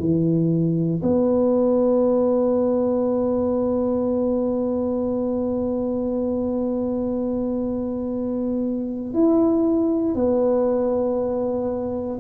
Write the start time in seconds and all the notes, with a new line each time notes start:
0.00 E3
1.03 B3
9.14 E4
10.15 B3